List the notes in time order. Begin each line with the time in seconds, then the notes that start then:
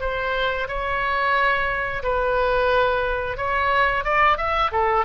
0.00 C5
0.68 C#5
2.03 B4
3.37 C#5
4.04 D5
4.37 E5
4.72 A4